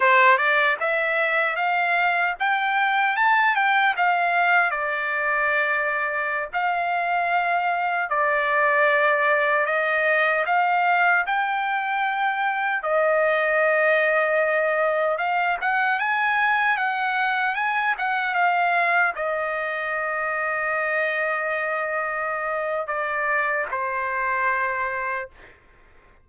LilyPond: \new Staff \with { instrumentName = "trumpet" } { \time 4/4 \tempo 4 = 76 c''8 d''8 e''4 f''4 g''4 | a''8 g''8 f''4 d''2~ | d''16 f''2 d''4.~ d''16~ | d''16 dis''4 f''4 g''4.~ g''16~ |
g''16 dis''2. f''8 fis''16~ | fis''16 gis''4 fis''4 gis''8 fis''8 f''8.~ | f''16 dis''2.~ dis''8.~ | dis''4 d''4 c''2 | }